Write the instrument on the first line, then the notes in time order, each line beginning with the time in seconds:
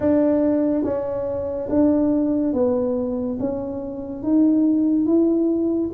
tuba
0.00 D4
0.83 C#4
1.69 D4
2.53 B3
3.39 C#4
4.23 D#4
5.06 E4